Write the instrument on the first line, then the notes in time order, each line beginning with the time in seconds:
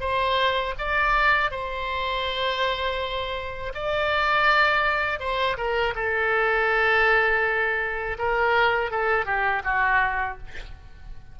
oboe
0.00 C5
0.79 D5
1.51 C5
3.74 D5
5.20 C5
5.58 A#4
5.96 A4
8.19 A#4
8.91 A4
9.26 G4
9.64 F#4